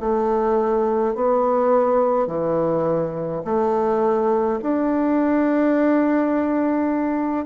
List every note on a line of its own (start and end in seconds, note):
0.00 1.15 A3
1.15 2.27 B3
2.27 3.42 E3
3.45 4.60 A3
4.63 7.46 D4